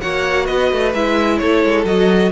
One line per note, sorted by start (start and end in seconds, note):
0.00 0.48 A#3
0.00 0.93 F#4
0.00 0.44 C#5
0.00 0.46 F#5
0.44 0.72 B3
0.44 1.37 B4
0.44 0.92 D#5
0.72 0.94 A3
0.94 1.40 G#3
0.94 1.85 E4
0.94 1.38 E5
1.38 1.64 A3
1.38 2.32 A4
1.38 1.84 C#5
1.64 1.84 G#3
1.84 2.31 F#3
1.84 2.32 F#4
1.84 2.32 D#5